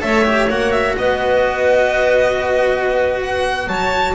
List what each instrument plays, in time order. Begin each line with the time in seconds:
0.00 double bass A3, cello A4, clarinet C#5, violin E5
0.24 cello G4
0.49 double bass A#3, cello F#4, violin F#5
0.71 violin E5
0.97 double bass B3, clarinet B4, violin D#5
3.21 violin F#5
3.67 double bass F#3, clarinet C#5, violin A5